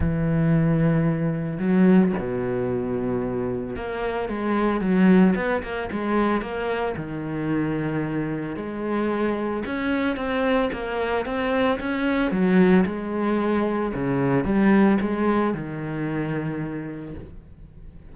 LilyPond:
\new Staff \with { instrumentName = "cello" } { \time 4/4 \tempo 4 = 112 e2. fis4 | b,2. ais4 | gis4 fis4 b8 ais8 gis4 | ais4 dis2. |
gis2 cis'4 c'4 | ais4 c'4 cis'4 fis4 | gis2 cis4 g4 | gis4 dis2. | }